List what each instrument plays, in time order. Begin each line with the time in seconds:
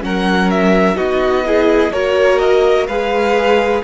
0.00 cello F#3, viola C#4, violin A#4 F#5
0.50 violin E5
0.95 cello B3, viola D#4, violin F#4 D#5
1.45 viola E4, violin G#4
1.92 cello A#3, viola F#4, violin A#4 C#5
2.38 violin D#5
2.87 cello G#3, viola G#4, violin B4 F5